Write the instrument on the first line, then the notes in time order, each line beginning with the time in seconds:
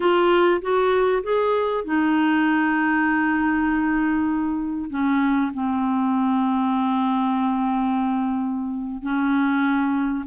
clarinet
0.00 F4
0.61 F#4
1.23 G#4
1.84 D#4
4.90 C#4
5.53 C4
9.02 C#4